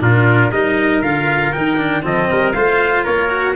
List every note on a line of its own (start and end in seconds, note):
0.00 0.51 A#2
0.00 0.51 D4
0.00 0.51 F4
0.00 0.51 A#4
0.51 1.01 G3
0.51 1.03 D#4
0.51 2.03 A#4
0.51 1.02 D#5
1.01 1.52 D3
1.01 1.53 F4
1.01 1.52 F5
1.52 2.03 D#3
1.52 1.77 D#4
1.52 2.03 G5
1.77 2.02 D4
2.02 2.29 F3
2.02 2.53 C4
2.02 2.29 A4
2.02 2.52 D#5
2.31 2.55 G3
2.31 2.55 A#4
2.52 3.05 A3
2.52 3.29 F4
2.52 3.04 C5
2.52 3.03 F5
3.04 3.56 A#3
3.04 3.55 A#4
3.04 3.56 C#5
3.29 3.54 F#4